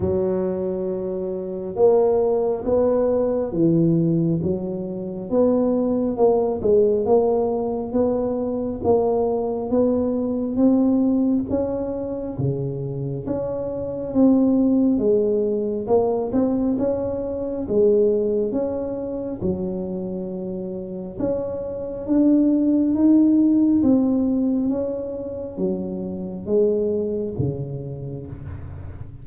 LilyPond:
\new Staff \with { instrumentName = "tuba" } { \time 4/4 \tempo 4 = 68 fis2 ais4 b4 | e4 fis4 b4 ais8 gis8 | ais4 b4 ais4 b4 | c'4 cis'4 cis4 cis'4 |
c'4 gis4 ais8 c'8 cis'4 | gis4 cis'4 fis2 | cis'4 d'4 dis'4 c'4 | cis'4 fis4 gis4 cis4 | }